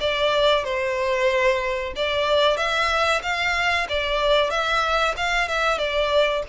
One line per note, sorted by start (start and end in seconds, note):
0.00 0.64 D5
0.64 1.93 C5
1.96 2.57 D5
2.57 3.21 E5
3.23 3.87 F5
3.89 4.50 D5
4.50 5.14 E5
5.16 5.48 F5
5.48 5.78 E5
5.78 6.43 D5